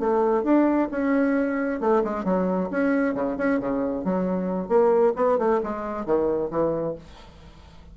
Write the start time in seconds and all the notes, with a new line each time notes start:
0.00 A3
0.44 D4
0.91 C#4
1.81 A3
2.04 G#3
2.25 F#3
2.71 C#4
3.14 C#3
3.38 C#4
3.60 C#3
4.05 F#3
4.69 A#3
5.16 B3
5.39 A3
5.63 G#3
6.06 D#3
6.51 E3